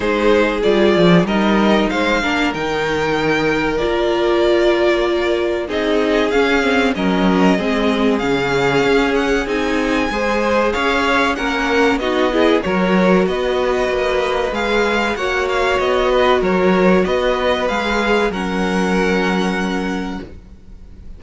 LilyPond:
<<
  \new Staff \with { instrumentName = "violin" } { \time 4/4 \tempo 4 = 95 c''4 d''4 dis''4 f''4 | g''2 d''2~ | d''4 dis''4 f''4 dis''4~ | dis''4 f''4. fis''8 gis''4~ |
gis''4 f''4 fis''4 dis''4 | cis''4 dis''2 f''4 | fis''8 f''8 dis''4 cis''4 dis''4 | f''4 fis''2. | }
  \new Staff \with { instrumentName = "violin" } { \time 4/4 gis'2 ais'4 c''8 ais'8~ | ais'1~ | ais'4 gis'2 ais'4 | gis'1 |
c''4 cis''4 ais'4 fis'8 gis'8 | ais'4 b'2. | cis''4. b'8 ais'4 b'4~ | b'4 ais'2. | }
  \new Staff \with { instrumentName = "viola" } { \time 4/4 dis'4 f'4 dis'4. d'8 | dis'2 f'2~ | f'4 dis'4 cis'8 c'8 cis'4 | c'4 cis'2 dis'4 |
gis'2 cis'4 dis'8 e'8 | fis'2. gis'4 | fis'1 | gis'4 cis'2. | }
  \new Staff \with { instrumentName = "cello" } { \time 4/4 gis4 g8 f8 g4 gis8 ais8 | dis2 ais2~ | ais4 c'4 cis'4 fis4 | gis4 cis4 cis'4 c'4 |
gis4 cis'4 ais4 b4 | fis4 b4 ais4 gis4 | ais4 b4 fis4 b4 | gis4 fis2. | }
>>